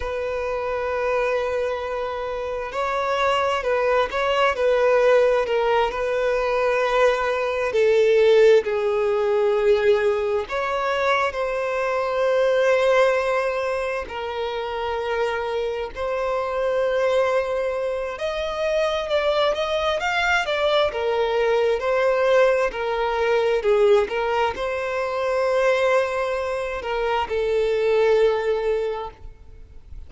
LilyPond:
\new Staff \with { instrumentName = "violin" } { \time 4/4 \tempo 4 = 66 b'2. cis''4 | b'8 cis''8 b'4 ais'8 b'4.~ | b'8 a'4 gis'2 cis''8~ | cis''8 c''2. ais'8~ |
ais'4. c''2~ c''8 | dis''4 d''8 dis''8 f''8 d''8 ais'4 | c''4 ais'4 gis'8 ais'8 c''4~ | c''4. ais'8 a'2 | }